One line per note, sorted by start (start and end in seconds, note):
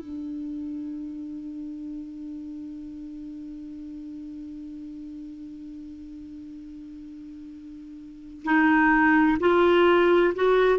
0.00 8.44 D4
8.45 9.38 D#4
9.40 10.34 F4
10.36 10.80 F#4